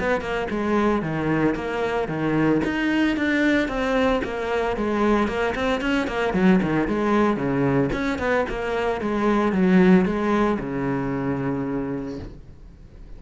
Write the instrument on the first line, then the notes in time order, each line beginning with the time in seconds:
cello
0.00 B3
0.21 A#3
0.50 G#3
1.02 D#3
1.55 A#3
2.08 D#3
2.65 D#4
3.16 D4
3.68 C4
4.24 A#3
4.77 G#3
5.28 A#3
5.55 C4
5.81 C#4
6.08 A#3
6.33 F#3
6.63 D#3
6.88 G#3
7.37 C#3
7.93 C#4
8.19 B3
8.49 A#3
9.01 G#3
9.52 F#3
10.05 G#3
10.60 C#3